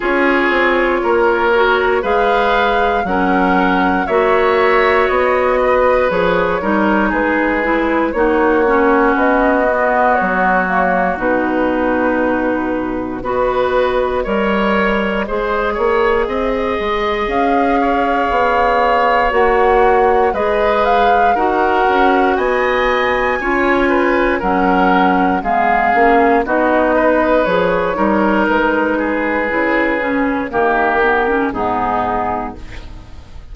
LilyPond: <<
  \new Staff \with { instrumentName = "flute" } { \time 4/4 \tempo 4 = 59 cis''2 f''4 fis''4 | e''4 dis''4 cis''4 b'4 | cis''4 dis''4 cis''4 b'4~ | b'4 dis''2.~ |
dis''4 f''2 fis''4 | dis''8 f''8 fis''4 gis''2 | fis''4 f''4 dis''4 cis''4 | b'2 ais'4 gis'4 | }
  \new Staff \with { instrumentName = "oboe" } { \time 4/4 gis'4 ais'4 b'4 ais'4 | cis''4. b'4 ais'8 gis'4 | fis'1~ | fis'4 b'4 cis''4 c''8 cis''8 |
dis''4. cis''2~ cis''8 | b'4 ais'4 dis''4 cis''8 b'8 | ais'4 gis'4 fis'8 b'4 ais'8~ | ais'8 gis'4. g'4 dis'4 | }
  \new Staff \with { instrumentName = "clarinet" } { \time 4/4 f'4. fis'8 gis'4 cis'4 | fis'2 gis'8 dis'4 e'8 | dis'8 cis'4 b4 ais8 dis'4~ | dis'4 fis'4 ais'4 gis'4~ |
gis'2. fis'4 | gis'4 fis'2 f'4 | cis'4 b8 cis'8 dis'4 gis'8 dis'8~ | dis'4 e'8 cis'8 ais8 b16 cis'16 b4 | }
  \new Staff \with { instrumentName = "bassoon" } { \time 4/4 cis'8 c'8 ais4 gis4 fis4 | ais4 b4 f8 g8 gis4 | ais4 b4 fis4 b,4~ | b,4 b4 g4 gis8 ais8 |
c'8 gis8 cis'4 b4 ais4 | gis4 dis'8 cis'8 b4 cis'4 | fis4 gis8 ais8 b4 f8 g8 | gis4 cis4 dis4 gis,4 | }
>>